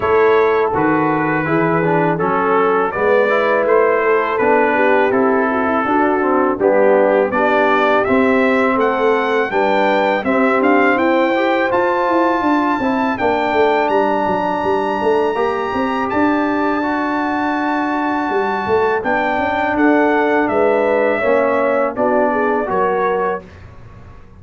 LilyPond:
<<
  \new Staff \with { instrumentName = "trumpet" } { \time 4/4 \tempo 4 = 82 cis''4 b'2 a'4 | d''4 c''4 b'4 a'4~ | a'4 g'4 d''4 e''4 | fis''4 g''4 e''8 f''8 g''4 |
a''2 g''4 ais''4~ | ais''2 a''2~ | a''2 g''4 fis''4 | e''2 d''4 cis''4 | }
  \new Staff \with { instrumentName = "horn" } { \time 4/4 a'2 gis'4 a'4 | b'4. a'4 g'4 fis'16 e'16 | fis'4 d'4 g'2 | a'4 b'4 g'4 c''4~ |
c''4 d''2.~ | d''1~ | d''2. a'4 | b'4 cis''4 fis'8 gis'8 ais'4 | }
  \new Staff \with { instrumentName = "trombone" } { \time 4/4 e'4 fis'4 e'8 d'8 cis'4 | b8 e'4. d'4 e'4 | d'8 c'8 b4 d'4 c'4~ | c'4 d'4 c'4. g'8 |
f'4. e'8 d'2~ | d'4 g'2 fis'4~ | fis'2 d'2~ | d'4 cis'4 d'4 fis'4 | }
  \new Staff \with { instrumentName = "tuba" } { \time 4/4 a4 dis4 e4 fis4 | gis4 a4 b4 c'4 | d'4 g4 b4 c'4 | a4 g4 c'8 d'8 e'4 |
f'8 e'8 d'8 c'8 ais8 a8 g8 fis8 | g8 a8 ais8 c'8 d'2~ | d'4 g8 a8 b8 cis'8 d'4 | gis4 ais4 b4 fis4 | }
>>